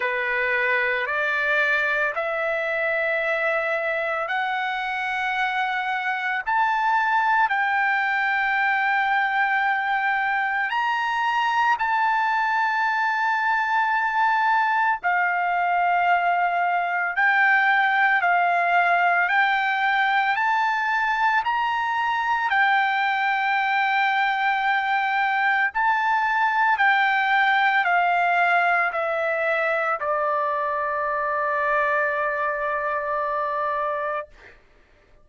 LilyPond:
\new Staff \with { instrumentName = "trumpet" } { \time 4/4 \tempo 4 = 56 b'4 d''4 e''2 | fis''2 a''4 g''4~ | g''2 ais''4 a''4~ | a''2 f''2 |
g''4 f''4 g''4 a''4 | ais''4 g''2. | a''4 g''4 f''4 e''4 | d''1 | }